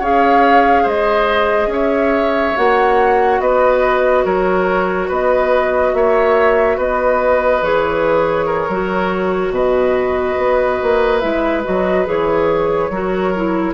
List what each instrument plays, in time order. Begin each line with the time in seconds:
0.00 bassoon C#4, clarinet G#4, oboe C#5, flute F5
0.83 bassoon G#3, oboe C5, flute D#5
1.67 bassoon C#4, oboe C#5, flute E5
2.56 bassoon A#3, clarinet F#4, flute F#5
3.40 bassoon B3, oboe B4, flute D#5
4.25 bassoon F#3, oboe A#4, flute C#5
5.08 bassoon B3, oboe B4, flute D#5
5.94 bassoon A#3, oboe C#5, flute E5
6.77 bassoon B3, oboe B4, flute D#5
7.62 bassoon E3, clarinet G#4, flute C#5
8.46 oboe A#4
8.69 bassoon F#3, clarinet F#4
9.50 bassoon B2, oboe B4, flute D#5
10.37 bassoon B3
10.83 bassoon A#3
11.20 bassoon G#3, clarinet E4, flute E5
11.64 bassoon F#3, clarinet F#4, flute D#5
12.05 bassoon E3, clarinet G#4, flute C#5
12.90 bassoon F#3, clarinet F#4, oboe A#4
13.35 clarinet E4